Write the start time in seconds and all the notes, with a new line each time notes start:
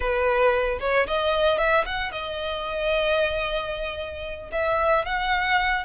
0.00 B4
0.80 C#5
1.07 D#5
1.57 E5
1.85 F#5
2.11 D#5
4.52 E5
5.05 F#5